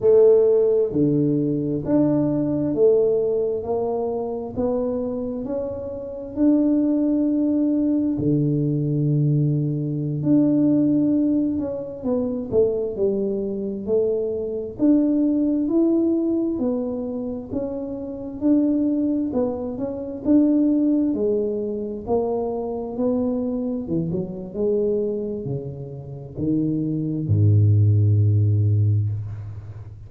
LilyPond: \new Staff \with { instrumentName = "tuba" } { \time 4/4 \tempo 4 = 66 a4 d4 d'4 a4 | ais4 b4 cis'4 d'4~ | d'4 d2~ d16 d'8.~ | d'8. cis'8 b8 a8 g4 a8.~ |
a16 d'4 e'4 b4 cis'8.~ | cis'16 d'4 b8 cis'8 d'4 gis8.~ | gis16 ais4 b4 e16 fis8 gis4 | cis4 dis4 gis,2 | }